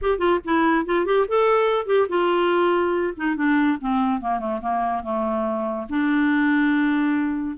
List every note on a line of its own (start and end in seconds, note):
0.01 0.18 G4
0.18 0.39 F4
0.44 0.85 E4
0.85 1.05 F4
1.05 1.26 G4
1.27 1.86 A4
1.86 2.07 G4
2.08 3.13 F4
3.17 3.36 D#4
3.36 3.78 D4
3.80 4.21 C4
4.21 4.39 A#3
4.39 4.60 A3
4.61 5.03 A#3
5.03 5.87 A3
5.89 7.56 D4